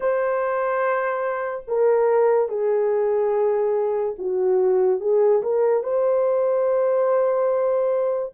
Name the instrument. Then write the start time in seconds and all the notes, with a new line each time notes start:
horn
0.00 C5
1.67 A#4
2.48 G#4
4.18 F#4
5.00 G#4
5.42 A#4
5.83 C5